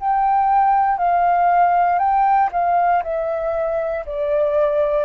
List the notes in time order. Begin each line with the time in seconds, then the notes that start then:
0.00 G5
0.98 F5
1.99 G5
2.52 F5
3.03 E5
4.05 D5